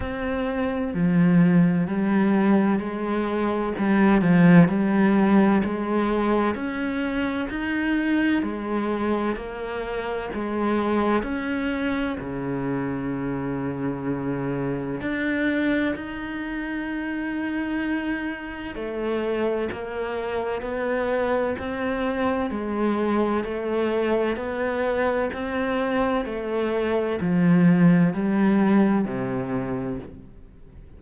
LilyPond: \new Staff \with { instrumentName = "cello" } { \time 4/4 \tempo 4 = 64 c'4 f4 g4 gis4 | g8 f8 g4 gis4 cis'4 | dis'4 gis4 ais4 gis4 | cis'4 cis2. |
d'4 dis'2. | a4 ais4 b4 c'4 | gis4 a4 b4 c'4 | a4 f4 g4 c4 | }